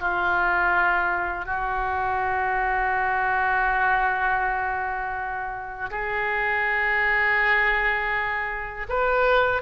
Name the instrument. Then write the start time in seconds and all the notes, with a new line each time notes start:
oboe
0.00 F4
1.46 F#4
5.91 G#4
8.89 B4